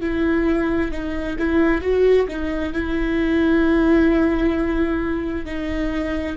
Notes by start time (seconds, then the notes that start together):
0.00 E4
0.91 D#4
1.38 E4
1.81 F#4
2.28 D#4
2.73 E4
5.45 D#4